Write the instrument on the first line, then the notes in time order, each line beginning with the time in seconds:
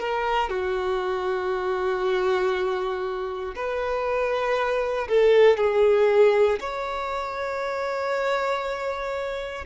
violin
0.00 A#4
0.50 F#4
3.56 B4
5.09 A4
5.58 G#4
6.61 C#5